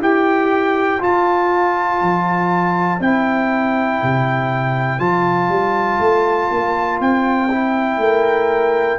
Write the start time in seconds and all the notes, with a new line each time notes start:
0.00 E4 G4 C5 G5
1.00 F4 A5
2.01 F3
3.00 C4 E4 G5
4.03 C3
4.99 F3 F4 A5
5.49 G3
5.99 A3
6.51 A#3
7.00 C4 G5
7.51 E4
7.98 A3 A#4